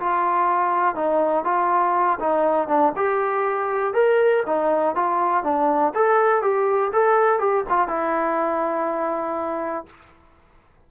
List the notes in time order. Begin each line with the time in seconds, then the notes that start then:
0.00 F4
0.95 D#4
1.45 F4
2.20 D#4
2.68 D4
2.97 G4
3.94 A#4
4.46 D#4
4.96 F4
5.44 D4
5.95 A4
6.42 G4
6.93 A4
7.39 G4
7.69 F4
7.88 E4